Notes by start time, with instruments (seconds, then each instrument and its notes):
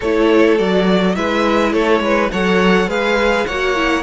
0.00 cello A3, viola E4, violin A4 C#5
0.58 cello F#3, viola F#4, violin D5
1.15 cello G#3, viola E4, violin B4 E5
1.72 cello A3, violin A4 C#5
2.00 cello G#3, violin B4
2.31 cello F#3, viola A4, violin C#5 F#5
2.87 cello G#3, viola G#4, violin B4 F5
3.46 cello A#3, viola F#4, violin C#5 F#5
3.75 viola E4